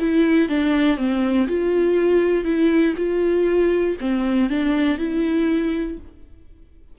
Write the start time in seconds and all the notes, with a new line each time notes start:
0.00 E4
0.49 D4
0.98 C4
1.48 F4
2.45 E4
2.97 F4
4.01 C4
4.50 D4
4.99 E4